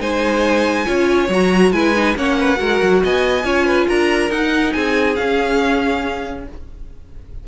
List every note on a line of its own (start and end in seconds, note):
0.00 0.86 G#3
0.00 0.86 D#4
0.00 0.86 C5
0.00 1.30 G#5
0.86 1.29 C#4
0.86 1.28 F4
0.86 1.72 C#5
1.29 1.72 F#3
1.29 1.74 F#4
1.29 1.72 A#5
1.72 2.15 G#3
1.72 1.95 E4
1.72 2.17 B4
1.72 2.15 G#5
1.95 2.16 D#4
2.16 2.59 A#3
2.16 2.56 C#4
2.16 2.39 C#5
2.16 3.04 F#5
2.39 2.59 B4
2.56 2.82 G#3
2.56 3.42 F#4
2.56 3.02 A#4
2.82 3.04 F#3
3.03 3.44 B3
3.03 3.45 D#5
3.03 3.89 G#5
3.44 3.87 C#4
3.44 4.30 F4
3.44 3.66 C#5
3.66 3.87 B4
3.88 4.30 D4
3.88 4.74 A#4
3.88 4.31 A#5
4.30 4.73 D#4
4.30 5.15 D#4
4.30 4.73 F#5
4.73 5.18 C4
4.73 6.45 G#4
4.73 5.15 G#5
5.15 6.44 C#4
5.15 6.47 C#4
5.15 6.44 F5